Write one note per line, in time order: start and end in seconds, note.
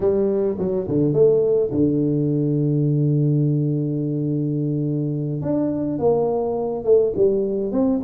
0.00 0.57 G3
0.58 0.87 F#3
0.88 1.13 D3
1.13 1.70 A3
1.71 5.41 D3
5.41 5.98 D4
5.98 6.84 A#3
6.84 7.12 A3
7.16 7.71 G3
7.71 8.00 C4